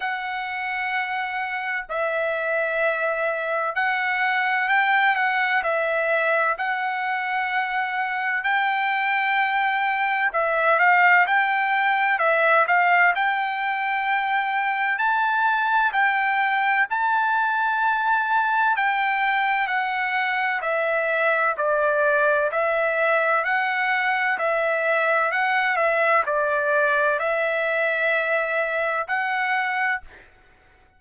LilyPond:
\new Staff \with { instrumentName = "trumpet" } { \time 4/4 \tempo 4 = 64 fis''2 e''2 | fis''4 g''8 fis''8 e''4 fis''4~ | fis''4 g''2 e''8 f''8 | g''4 e''8 f''8 g''2 |
a''4 g''4 a''2 | g''4 fis''4 e''4 d''4 | e''4 fis''4 e''4 fis''8 e''8 | d''4 e''2 fis''4 | }